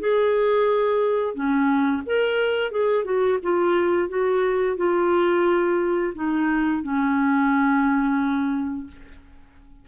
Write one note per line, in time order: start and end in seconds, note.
0.00 1.35 G#4
1.35 2.03 C#4
2.07 2.71 A#4
2.71 3.05 G#4
3.05 3.39 F#4
3.43 4.09 F4
4.09 4.77 F#4
4.77 6.14 F4
6.15 6.83 D#4
6.83 8.88 C#4